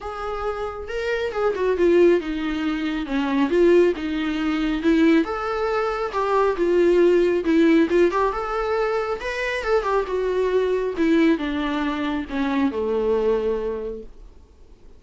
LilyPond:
\new Staff \with { instrumentName = "viola" } { \time 4/4 \tempo 4 = 137 gis'2 ais'4 gis'8 fis'8 | f'4 dis'2 cis'4 | f'4 dis'2 e'4 | a'2 g'4 f'4~ |
f'4 e'4 f'8 g'8 a'4~ | a'4 b'4 a'8 g'8 fis'4~ | fis'4 e'4 d'2 | cis'4 a2. | }